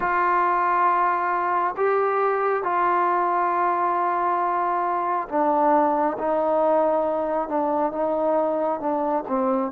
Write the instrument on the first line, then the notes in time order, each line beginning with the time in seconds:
trombone
0.00 F4
1.76 G4
2.63 F4
5.29 D4
6.18 D#4
7.48 D4
7.92 D#4
8.80 D4
9.28 C4